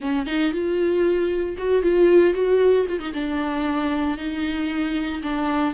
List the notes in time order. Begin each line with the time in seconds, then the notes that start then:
0.00 C#4
0.26 D#4
0.52 F4
1.57 F#4
1.82 F4
2.34 F#4
2.88 F4
2.99 D#4
3.13 D4
4.17 D#4
5.22 D4